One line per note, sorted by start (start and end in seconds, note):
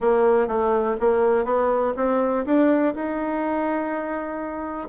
0.00 0.47 A#3
0.47 0.96 A3
1.00 1.44 A#3
1.44 1.93 B3
1.96 2.45 C4
2.45 2.94 D4
2.94 4.88 D#4